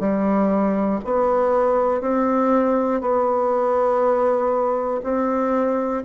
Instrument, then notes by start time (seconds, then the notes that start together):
bassoon
0.00 G3
1.05 B3
2.01 C4
3.01 B3
5.04 C4